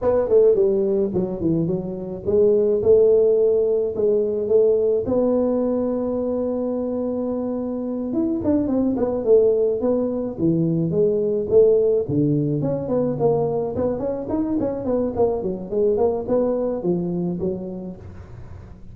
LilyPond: \new Staff \with { instrumentName = "tuba" } { \time 4/4 \tempo 4 = 107 b8 a8 g4 fis8 e8 fis4 | gis4 a2 gis4 | a4 b2.~ | b2~ b8 e'8 d'8 c'8 |
b8 a4 b4 e4 gis8~ | gis8 a4 d4 cis'8 b8 ais8~ | ais8 b8 cis'8 dis'8 cis'8 b8 ais8 fis8 | gis8 ais8 b4 f4 fis4 | }